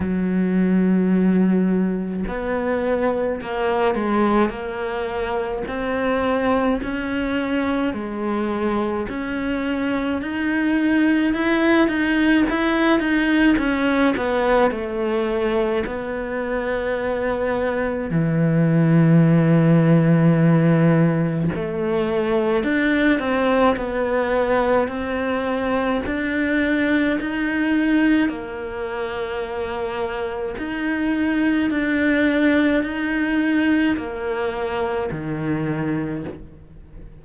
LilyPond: \new Staff \with { instrumentName = "cello" } { \time 4/4 \tempo 4 = 53 fis2 b4 ais8 gis8 | ais4 c'4 cis'4 gis4 | cis'4 dis'4 e'8 dis'8 e'8 dis'8 | cis'8 b8 a4 b2 |
e2. a4 | d'8 c'8 b4 c'4 d'4 | dis'4 ais2 dis'4 | d'4 dis'4 ais4 dis4 | }